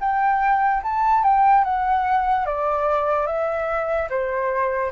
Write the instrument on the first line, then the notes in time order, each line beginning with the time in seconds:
flute
0.00 G5
0.83 A5
1.23 G5
1.64 F#5
2.46 D5
3.26 E5
4.09 C5